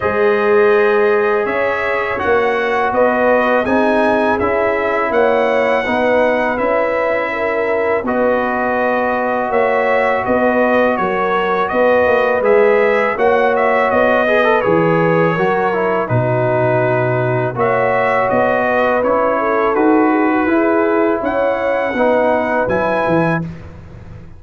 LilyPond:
<<
  \new Staff \with { instrumentName = "trumpet" } { \time 4/4 \tempo 4 = 82 dis''2 e''4 fis''4 | dis''4 gis''4 e''4 fis''4~ | fis''4 e''2 dis''4~ | dis''4 e''4 dis''4 cis''4 |
dis''4 e''4 fis''8 e''8 dis''4 | cis''2 b'2 | e''4 dis''4 cis''4 b'4~ | b'4 fis''2 gis''4 | }
  \new Staff \with { instrumentName = "horn" } { \time 4/4 c''2 cis''2 | b'4 gis'2 cis''4 | b'2 ais'4 b'4~ | b'4 cis''4 b'4 ais'4 |
b'2 cis''4. b'8~ | b'4 ais'4 fis'2 | cis''4. b'4 a'4 gis'16 fis'16 | gis'4 cis''4 b'2 | }
  \new Staff \with { instrumentName = "trombone" } { \time 4/4 gis'2. fis'4~ | fis'4 dis'4 e'2 | dis'4 e'2 fis'4~ | fis'1~ |
fis'4 gis'4 fis'4. gis'16 a'16 | gis'4 fis'8 e'8 dis'2 | fis'2 e'4 fis'4 | e'2 dis'4 e'4 | }
  \new Staff \with { instrumentName = "tuba" } { \time 4/4 gis2 cis'4 ais4 | b4 c'4 cis'4 ais4 | b4 cis'2 b4~ | b4 ais4 b4 fis4 |
b8 ais8 gis4 ais4 b4 | e4 fis4 b,2 | ais4 b4 cis'4 dis'4 | e'4 cis'4 b4 fis8 e8 | }
>>